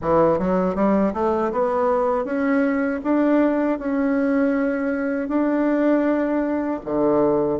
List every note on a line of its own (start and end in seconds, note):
0.01 0.38 E3
0.38 0.75 F#3
0.75 1.13 G3
1.13 1.51 A3
1.52 2.24 B3
2.24 3.00 C#4
3.03 3.78 D4
3.78 5.28 C#4
5.28 6.80 D4
6.85 7.59 D3